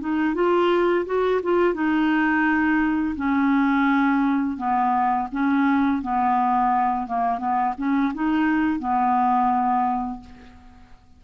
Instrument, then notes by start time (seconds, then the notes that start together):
clarinet
0.00 D#4
0.35 F4
1.06 F#4
1.43 F4
1.75 D#4
3.16 C#4
4.58 B3
5.32 C#4
6.02 B3
7.07 A#3
7.39 B3
7.78 C#4
8.14 D#4
8.80 B3